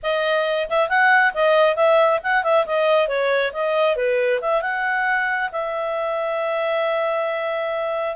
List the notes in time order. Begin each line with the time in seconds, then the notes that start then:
0.03 D#5
0.69 E5
0.89 F#5
1.34 D#5
1.76 E5
2.23 F#5
2.43 E5
2.66 D#5
3.08 C#5
3.53 D#5
3.95 B4
4.41 E5
4.61 F#5
5.52 E5